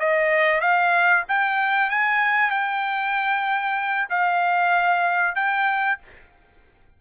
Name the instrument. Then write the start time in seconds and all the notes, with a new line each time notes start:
trumpet
0.00 D#5
0.61 F5
1.29 G5
1.91 G#5
2.51 G5
4.10 F5
5.36 G5